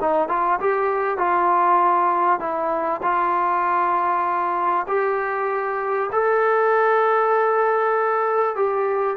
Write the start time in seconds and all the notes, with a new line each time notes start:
0.00 D#4
0.28 F4
0.60 G4
1.17 F4
2.39 E4
3.02 F4
4.87 G4
6.12 A4
8.55 G4